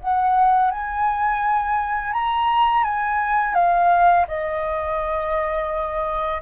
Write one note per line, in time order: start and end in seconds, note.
0.00 0.71 F#5
0.71 2.13 G#5
2.13 2.84 A#5
2.84 3.54 G#5
3.54 4.26 F5
4.28 6.42 D#5